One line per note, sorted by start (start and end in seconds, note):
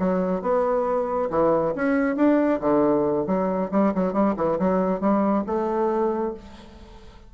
0.00 0.42 F#3
0.42 1.30 B3
1.31 1.74 E3
1.76 2.17 C#4
2.17 2.60 D4
2.61 3.27 D3
3.27 3.71 F#3
3.72 3.94 G3
3.95 4.13 F#3
4.13 4.35 G3
4.37 4.59 E3
4.59 5.01 F#3
5.01 5.45 G3
5.47 6.34 A3